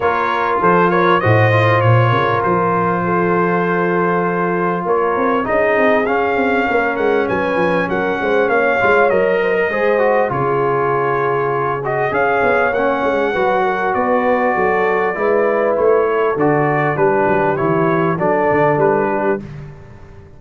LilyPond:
<<
  \new Staff \with { instrumentName = "trumpet" } { \time 4/4 \tempo 4 = 99 cis''4 c''8 cis''8 dis''4 cis''4 | c''1 | cis''4 dis''4 f''4. fis''8 | gis''4 fis''4 f''4 dis''4~ |
dis''4 cis''2~ cis''8 dis''8 | f''4 fis''2 d''4~ | d''2 cis''4 d''4 | b'4 cis''4 d''4 b'4 | }
  \new Staff \with { instrumentName = "horn" } { \time 4/4 ais'4 a'8 ais'8 c''4. ais'8~ | ais'4 a'2. | ais'4 gis'2 ais'4 | b'4 ais'8 c''8 cis''4. c''16 ais'16 |
c''4 gis'2. | cis''2 b'8 ais'8 b'4 | a'4 b'4. a'4. | g'2 a'4. g'8 | }
  \new Staff \with { instrumentName = "trombone" } { \time 4/4 f'2 fis'8 f'4.~ | f'1~ | f'4 dis'4 cis'2~ | cis'2~ cis'8 f'8 ais'4 |
gis'8 fis'8 f'2~ f'8 fis'8 | gis'4 cis'4 fis'2~ | fis'4 e'2 fis'4 | d'4 e'4 d'2 | }
  \new Staff \with { instrumentName = "tuba" } { \time 4/4 ais4 f4 a,4 ais,8 cis8 | f1 | ais8 c'8 cis'8 c'8 cis'8 c'8 ais8 gis8 | fis8 f8 fis8 gis8 ais8 gis8 fis4 |
gis4 cis2. | cis'8 b8 ais8 gis8 fis4 b4 | fis4 gis4 a4 d4 | g8 fis8 e4 fis8 d8 g4 | }
>>